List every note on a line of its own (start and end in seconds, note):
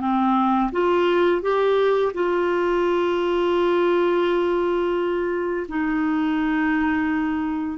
0.00 0.71 C4
0.72 1.42 F4
1.42 2.12 G4
2.14 5.67 F4
5.68 7.78 D#4